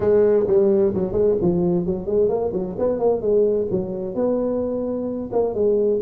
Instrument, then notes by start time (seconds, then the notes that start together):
tuba
0.00 G#3
0.47 G3
0.94 F#3
1.12 G#3
1.41 F3
1.86 F#3
2.06 G#3
2.28 A#3
2.53 F#3
2.78 B3
2.99 A#3
3.21 G#3
3.70 F#3
4.15 B3
5.32 A#3
5.54 G#3